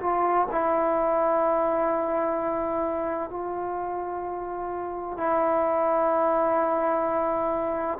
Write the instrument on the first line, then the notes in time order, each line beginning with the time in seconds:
trombone
0.00 F4
0.51 E4
3.30 F4
5.17 E4